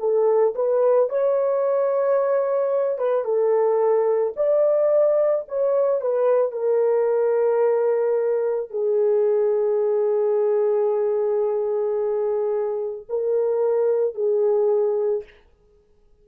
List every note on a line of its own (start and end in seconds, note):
0.00 0.55 A4
0.56 1.10 B4
1.10 2.99 C#5
2.99 3.25 B4
3.25 4.34 A4
4.37 5.46 D5
5.48 6.01 C#5
6.01 6.53 B4
6.53 8.71 A#4
8.71 13.07 G#4
13.10 14.15 A#4
14.15 15.24 G#4